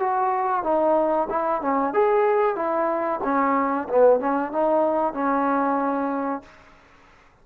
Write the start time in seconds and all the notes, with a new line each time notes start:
0.00 F#4
0.64 D#4
1.30 E4
1.62 C#4
1.94 G#4
2.56 E4
3.24 C#4
3.89 B3
4.20 C#4
4.52 D#4
5.14 C#4